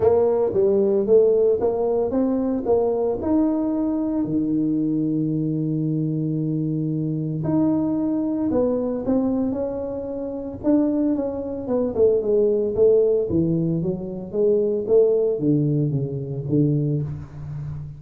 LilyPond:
\new Staff \with { instrumentName = "tuba" } { \time 4/4 \tempo 4 = 113 ais4 g4 a4 ais4 | c'4 ais4 dis'2 | dis1~ | dis2 dis'2 |
b4 c'4 cis'2 | d'4 cis'4 b8 a8 gis4 | a4 e4 fis4 gis4 | a4 d4 cis4 d4 | }